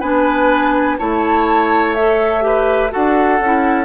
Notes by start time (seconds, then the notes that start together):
0.00 B3 D4 B4 G#5
0.99 A3 E4 C#5 A5
1.95 A4 E5
2.41 G4 B4
2.90 D4 F#4 A4 F#5
3.40 C#4 E4